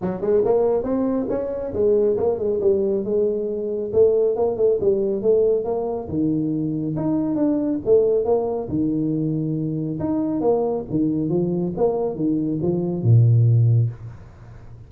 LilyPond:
\new Staff \with { instrumentName = "tuba" } { \time 4/4 \tempo 4 = 138 fis8 gis8 ais4 c'4 cis'4 | gis4 ais8 gis8 g4 gis4~ | gis4 a4 ais8 a8 g4 | a4 ais4 dis2 |
dis'4 d'4 a4 ais4 | dis2. dis'4 | ais4 dis4 f4 ais4 | dis4 f4 ais,2 | }